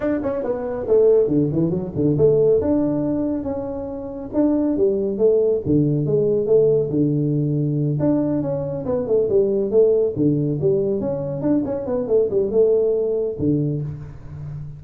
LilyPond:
\new Staff \with { instrumentName = "tuba" } { \time 4/4 \tempo 4 = 139 d'8 cis'8 b4 a4 d8 e8 | fis8 d8 a4 d'2 | cis'2 d'4 g4 | a4 d4 gis4 a4 |
d2~ d8 d'4 cis'8~ | cis'8 b8 a8 g4 a4 d8~ | d8 g4 cis'4 d'8 cis'8 b8 | a8 g8 a2 d4 | }